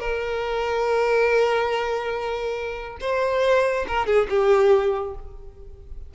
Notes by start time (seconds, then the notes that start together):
0.00 A#4
3.01 C5
3.88 A#4
4.06 G#4
4.30 G4